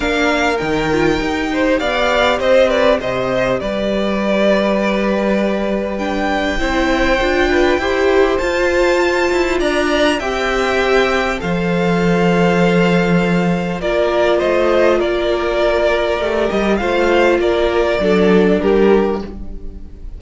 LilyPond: <<
  \new Staff \with { instrumentName = "violin" } { \time 4/4 \tempo 4 = 100 f''4 g''2 f''4 | dis''8 d''8 dis''4 d''2~ | d''2 g''2~ | g''2 a''2 |
ais''4 g''2 f''4~ | f''2. d''4 | dis''4 d''2~ d''8 dis''8 | f''4 d''2 ais'4 | }
  \new Staff \with { instrumentName = "violin" } { \time 4/4 ais'2~ ais'8 c''8 d''4 | c''8 b'8 c''4 b'2~ | b'2. c''4~ | c''8 b'8 c''2. |
d''4 e''2 c''4~ | c''2. ais'4 | c''4 ais'2. | c''4 ais'4 a'4 g'4 | }
  \new Staff \with { instrumentName = "viola" } { \time 4/4 d'4 dis'8 f'8 g'2~ | g'1~ | g'2 d'4 e'4 | f'4 g'4 f'2~ |
f'4 g'2 a'4~ | a'2. f'4~ | f'2. g'4 | f'2 d'2 | }
  \new Staff \with { instrumentName = "cello" } { \time 4/4 ais4 dis4 dis'4 b4 | c'4 c4 g2~ | g2. c'4 | d'4 e'4 f'4. e'8 |
d'4 c'2 f4~ | f2. ais4 | a4 ais2 a8 g8 | a4 ais4 fis4 g4 | }
>>